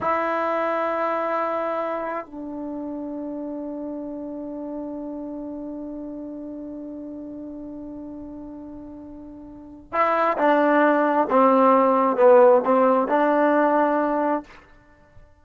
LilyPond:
\new Staff \with { instrumentName = "trombone" } { \time 4/4 \tempo 4 = 133 e'1~ | e'4 d'2.~ | d'1~ | d'1~ |
d'1~ | d'2 e'4 d'4~ | d'4 c'2 b4 | c'4 d'2. | }